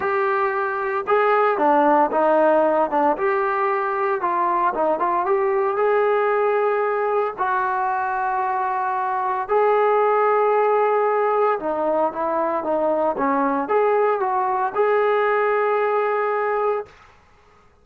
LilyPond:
\new Staff \with { instrumentName = "trombone" } { \time 4/4 \tempo 4 = 114 g'2 gis'4 d'4 | dis'4. d'8 g'2 | f'4 dis'8 f'8 g'4 gis'4~ | gis'2 fis'2~ |
fis'2 gis'2~ | gis'2 dis'4 e'4 | dis'4 cis'4 gis'4 fis'4 | gis'1 | }